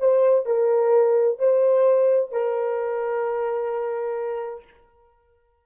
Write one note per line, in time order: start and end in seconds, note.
0.00 0.46 C5
0.46 1.39 A#4
1.39 2.32 C5
2.32 4.64 A#4